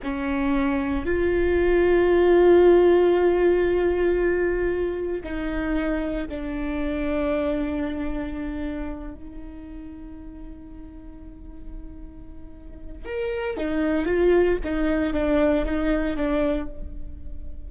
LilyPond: \new Staff \with { instrumentName = "viola" } { \time 4/4 \tempo 4 = 115 cis'2 f'2~ | f'1~ | f'2 dis'2 | d'1~ |
d'4. dis'2~ dis'8~ | dis'1~ | dis'4 ais'4 dis'4 f'4 | dis'4 d'4 dis'4 d'4 | }